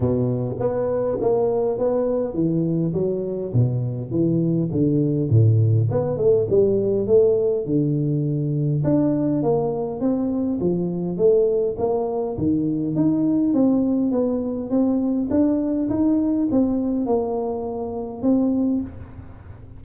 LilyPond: \new Staff \with { instrumentName = "tuba" } { \time 4/4 \tempo 4 = 102 b,4 b4 ais4 b4 | e4 fis4 b,4 e4 | d4 a,4 b8 a8 g4 | a4 d2 d'4 |
ais4 c'4 f4 a4 | ais4 dis4 dis'4 c'4 | b4 c'4 d'4 dis'4 | c'4 ais2 c'4 | }